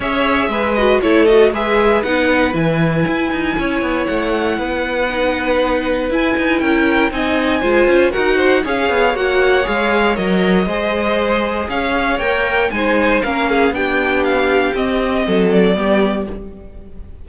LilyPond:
<<
  \new Staff \with { instrumentName = "violin" } { \time 4/4 \tempo 4 = 118 e''4. dis''8 cis''8 dis''8 e''4 | fis''4 gis''2. | fis''1 | gis''4 g''4 gis''2 |
fis''4 f''4 fis''4 f''4 | dis''2. f''4 | g''4 gis''4 f''4 g''4 | f''4 dis''4. d''4. | }
  \new Staff \with { instrumentName = "violin" } { \time 4/4 cis''4 b'4 a'4 b'4~ | b'2. cis''4~ | cis''4 b'2.~ | b'4 ais'4 dis''4 c''4 |
ais'8 c''8 cis''2.~ | cis''4 c''2 cis''4~ | cis''4 c''4 ais'8 gis'8 g'4~ | g'2 a'4 g'4 | }
  \new Staff \with { instrumentName = "viola" } { \time 4/4 gis'4. fis'8 e'8 fis'8 gis'4 | dis'4 e'2.~ | e'2 dis'2 | e'2 dis'4 f'4 |
fis'4 gis'4 fis'4 gis'4 | ais'4 gis'2. | ais'4 dis'4 cis'4 d'4~ | d'4 c'2 b4 | }
  \new Staff \with { instrumentName = "cello" } { \time 4/4 cis'4 gis4 a4 gis4 | b4 e4 e'8 dis'8 cis'8 b8 | a4 b2. | e'8 dis'8 cis'4 c'4 gis8 cis'8 |
dis'4 cis'8 b8 ais4 gis4 | fis4 gis2 cis'4 | ais4 gis4 ais4 b4~ | b4 c'4 fis4 g4 | }
>>